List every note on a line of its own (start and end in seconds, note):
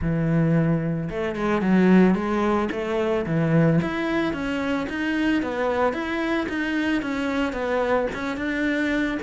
0.01 1.09 E3
1.10 1.35 A3
1.35 1.61 G#3
1.61 2.14 F#3
2.14 2.68 G#3
2.71 3.25 A3
3.26 3.80 E3
3.81 4.33 E4
4.33 4.87 C#4
4.89 5.42 D#4
5.42 5.93 B3
5.93 6.47 E4
6.49 7.01 D#4
7.01 7.53 C#4
7.53 8.07 B3
8.14 8.37 C#4
8.37 9.18 D4